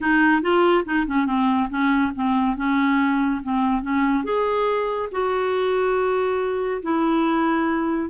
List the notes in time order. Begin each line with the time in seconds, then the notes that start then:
0.00 D#4
0.42 F4
0.85 D#4
1.06 C#4
1.26 C4
1.69 C#4
2.15 C4
2.56 C#4
3.42 C4
3.82 C#4
4.24 G#4
5.11 F#4
6.82 E4